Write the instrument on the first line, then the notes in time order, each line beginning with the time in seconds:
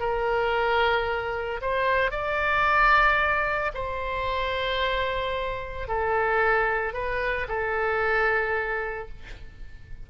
oboe
0.00 A#4
1.61 C5
2.11 D5
3.74 C5
5.88 A4
6.93 B4
7.48 A4